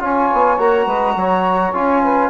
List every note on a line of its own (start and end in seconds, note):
0.00 0.29 C#4
0.00 0.58 F4
0.00 0.85 C#5
0.00 0.58 G#5
0.33 0.58 B3
0.58 0.87 A#3
0.58 1.74 F#4
0.58 1.74 A#5
0.85 1.15 G#3
0.85 1.14 B4
1.16 1.73 F#3
1.16 2.02 C#5
1.74 2.30 C#4
1.74 2.30 F4
1.74 2.30 G#5
2.02 2.30 B4